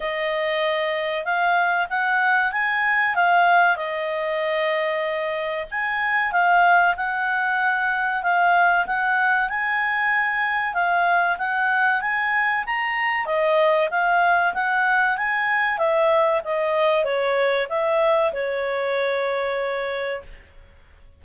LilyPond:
\new Staff \with { instrumentName = "clarinet" } { \time 4/4 \tempo 4 = 95 dis''2 f''4 fis''4 | gis''4 f''4 dis''2~ | dis''4 gis''4 f''4 fis''4~ | fis''4 f''4 fis''4 gis''4~ |
gis''4 f''4 fis''4 gis''4 | ais''4 dis''4 f''4 fis''4 | gis''4 e''4 dis''4 cis''4 | e''4 cis''2. | }